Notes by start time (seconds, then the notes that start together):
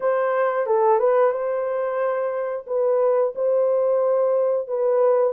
0.00 C5
0.66 A4
0.99 B4
1.32 C5
2.66 B4
3.35 C5
4.67 B4